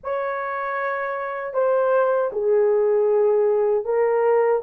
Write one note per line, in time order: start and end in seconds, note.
0.03 1.53 C#5
1.53 2.30 C5
2.32 3.84 G#4
3.84 4.61 A#4